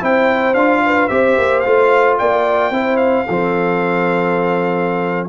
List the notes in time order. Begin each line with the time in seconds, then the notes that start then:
0.00 C4 E4 C5 G5
0.54 D4 F4 F5
0.85 B4
1.08 C4 G4 C5 E5
1.37 A#3
1.60 A3 F4 F5
2.18 A#3 D5 G5
2.70 C4 E4 C5
2.97 F5
3.26 F3 C4 A4